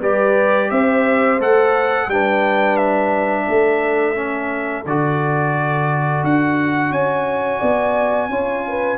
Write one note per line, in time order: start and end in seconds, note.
0.00 0.70 G3
0.00 1.39 G4
0.00 0.69 B4
0.00 0.70 D5
0.70 1.39 C4
0.70 2.08 C5
0.70 1.39 E5
1.39 2.07 A3
1.39 2.09 A4
1.39 2.10 F#5
2.07 3.45 G3
2.07 4.15 D4
2.07 3.46 B4
2.07 2.76 G5
2.76 4.83 E5
3.46 4.85 A3
3.46 6.91 A4
4.15 4.84 C#4
4.85 6.23 D3
4.85 8.30 F#4
4.85 6.24 D5
6.23 6.91 D4
6.23 6.92 F#5
6.91 7.59 C#4
6.91 7.59 C#5
6.91 8.97 G#5
7.59 8.29 B3
7.59 8.28 D5
8.29 8.97 C#4
8.29 8.97 F4
8.29 8.65 C#5
8.68 8.97 B4